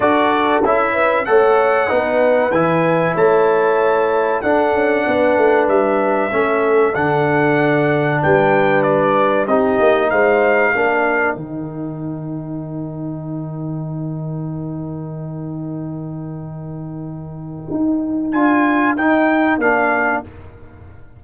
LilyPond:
<<
  \new Staff \with { instrumentName = "trumpet" } { \time 4/4 \tempo 4 = 95 d''4 e''4 fis''2 | gis''4 a''2 fis''4~ | fis''4 e''2 fis''4~ | fis''4 g''4 d''4 dis''4 |
f''2 g''2~ | g''1~ | g''1~ | g''4 gis''4 g''4 f''4 | }
  \new Staff \with { instrumentName = "horn" } { \time 4/4 a'4. b'8 cis''4 b'4~ | b'4 cis''2 a'4 | b'2 a'2~ | a'4 b'2 g'4 |
c''4 ais'2.~ | ais'1~ | ais'1~ | ais'1 | }
  \new Staff \with { instrumentName = "trombone" } { \time 4/4 fis'4 e'4 a'4 dis'4 | e'2. d'4~ | d'2 cis'4 d'4~ | d'2. dis'4~ |
dis'4 d'4 dis'2~ | dis'1~ | dis'1~ | dis'4 f'4 dis'4 d'4 | }
  \new Staff \with { instrumentName = "tuba" } { \time 4/4 d'4 cis'4 a4 b4 | e4 a2 d'8 cis'8 | b8 a8 g4 a4 d4~ | d4 g2 c'8 ais8 |
gis4 ais4 dis2~ | dis1~ | dis1 | dis'4 d'4 dis'4 ais4 | }
>>